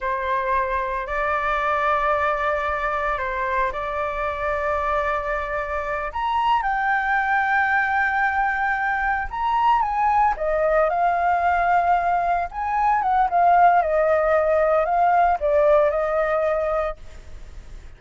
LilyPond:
\new Staff \with { instrumentName = "flute" } { \time 4/4 \tempo 4 = 113 c''2 d''2~ | d''2 c''4 d''4~ | d''2.~ d''8 ais''8~ | ais''8 g''2.~ g''8~ |
g''4. ais''4 gis''4 dis''8~ | dis''8 f''2. gis''8~ | gis''8 fis''8 f''4 dis''2 | f''4 d''4 dis''2 | }